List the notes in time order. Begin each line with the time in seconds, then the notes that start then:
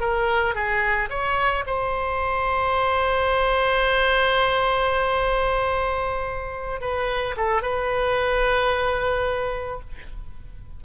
0.00 A#4
0.55 G#4
1.10 C#5
1.66 C5
6.81 B4
7.37 A4
7.62 B4